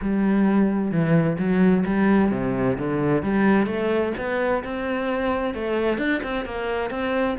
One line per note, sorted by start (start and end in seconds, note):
0.01 0.91 G3
0.91 1.37 E3
1.38 1.84 F#3
1.85 2.31 G3
2.31 2.77 C3
2.78 3.22 D3
3.22 3.66 G3
3.66 4.12 A3
4.17 4.63 B3
4.63 5.54 C4
5.54 5.98 A3
5.98 6.21 D4
6.23 6.45 C4
6.45 6.90 A#3
6.90 7.36 C4